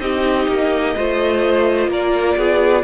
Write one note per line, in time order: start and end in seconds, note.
0.00 0.48 C4
0.00 0.96 D#4
0.00 0.96 G4
0.00 1.91 D#5
0.48 0.96 A#3
0.96 1.88 A3
0.96 2.84 F4
0.96 1.90 C5
1.88 2.36 A#3
1.88 2.38 A#4
1.88 2.84 D5
2.37 2.84 B3
2.37 2.84 G#4